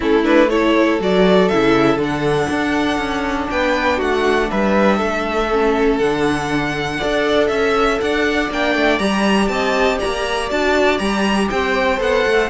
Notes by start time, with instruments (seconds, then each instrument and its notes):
0.00 cello A3, viola C#4, violin E4 A4
0.23 viola D4, violin B4
0.49 viola E4, violin A4 C#5
1.00 cello F#3, viola F#4, violin D5
1.48 cello C#3, viola E4, violin E5
1.96 cello D3, viola D4
2.03 violin F#5
2.50 cello D4
2.97 cello C#4
3.49 cello B3, violin B4 G5
3.97 cello A3, violin F#4 F#5
4.50 cello G3, violin B4 E5
4.97 cello A3, violin A4
5.52 viola C#4
5.97 cello D3, viola D4, violin F#5
6.98 cello D4, viola A4, violin D5
7.47 cello C#4, violin E5
8.00 cello D4, violin D5 F#5
8.50 cello A#3, viola D4, violin G5
8.74 cello A3
8.98 cello G3, viola G4, violin A#5
9.48 cello C4, violin D#5 A5
9.98 violin D5 A#5
10.05 cello A#3
10.50 cello D4, viola F#4, violin A5
10.98 cello G3, viola G4, violin A#5
11.50 cello C4, violin C5 G5
11.97 cello B3, viola A4, violin F#5
12.26 cello A3